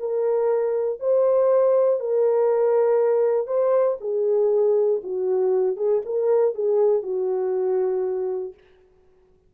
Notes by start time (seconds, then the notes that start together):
0.00 A#4
1.00 C5
2.00 A#4
3.48 C5
4.01 G#4
5.04 F#4
5.77 G#4
6.06 A#4
6.55 G#4
7.03 F#4